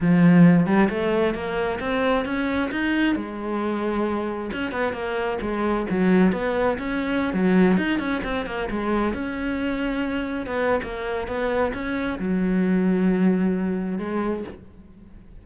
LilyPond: \new Staff \with { instrumentName = "cello" } { \time 4/4 \tempo 4 = 133 f4. g8 a4 ais4 | c'4 cis'4 dis'4 gis4~ | gis2 cis'8 b8 ais4 | gis4 fis4 b4 cis'4~ |
cis'16 fis4 dis'8 cis'8 c'8 ais8 gis8.~ | gis16 cis'2. b8. | ais4 b4 cis'4 fis4~ | fis2. gis4 | }